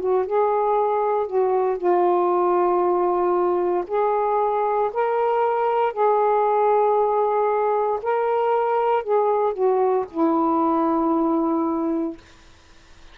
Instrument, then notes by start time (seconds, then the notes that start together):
saxophone
0.00 F#4
0.26 G#4
1.26 F#4
1.77 F4
3.87 G#4
4.93 A#4
5.92 G#4
8.02 A#4
9.03 G#4
9.53 F#4
10.11 E4